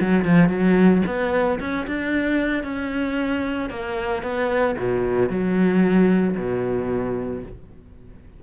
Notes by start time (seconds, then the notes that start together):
0.00 F#3
0.24 F3
0.49 F#3
1.06 B3
1.59 C#4
1.87 D4
2.63 C#4
3.70 A#3
4.22 B3
4.78 B2
5.29 F#3
6.36 B2